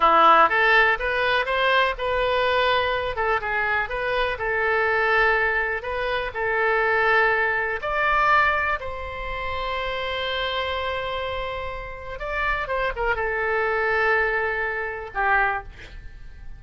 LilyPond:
\new Staff \with { instrumentName = "oboe" } { \time 4/4 \tempo 4 = 123 e'4 a'4 b'4 c''4 | b'2~ b'8 a'8 gis'4 | b'4 a'2. | b'4 a'2. |
d''2 c''2~ | c''1~ | c''4 d''4 c''8 ais'8 a'4~ | a'2. g'4 | }